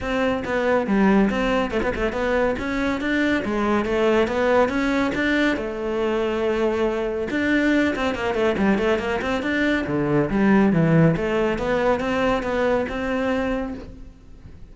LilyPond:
\new Staff \with { instrumentName = "cello" } { \time 4/4 \tempo 4 = 140 c'4 b4 g4 c'4 | a16 b16 a8 b4 cis'4 d'4 | gis4 a4 b4 cis'4 | d'4 a2.~ |
a4 d'4. c'8 ais8 a8 | g8 a8 ais8 c'8 d'4 d4 | g4 e4 a4 b4 | c'4 b4 c'2 | }